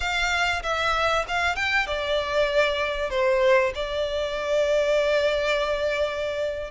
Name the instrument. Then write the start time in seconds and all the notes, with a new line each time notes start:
violin
0.00 F5
0.62 E5
1.28 F5
1.55 G5
1.87 D5
3.10 C5
3.74 D5